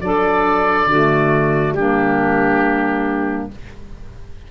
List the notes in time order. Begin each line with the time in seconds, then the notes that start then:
0.00 F#3 D4 A4 D5
0.86 D3 A3 F#4
1.72 G3 A#3 D4 G4